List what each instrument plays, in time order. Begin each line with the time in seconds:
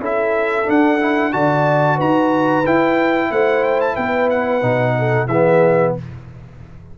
0.00 tuba C#4, trombone E4, horn A4, trumpet E5
0.65 trombone D4, tuba D4, trumpet F#5
1.01 trombone E4
1.32 tuba D3, trombone F#4, horn D5, trumpet A5
1.96 tuba D#4, horn B4, trumpet A#5
2.66 tuba E4, trombone E4, trumpet G5
3.31 tuba A3, horn C5, trumpet F#5
3.64 trumpet G5
3.81 trumpet A5
3.94 tuba B3, horn B4, trumpet G5
4.30 trumpet F#5
4.62 tuba B2, trombone D#4
4.98 horn A4
5.27 tuba E3, trombone B3, horn G#4, trumpet E5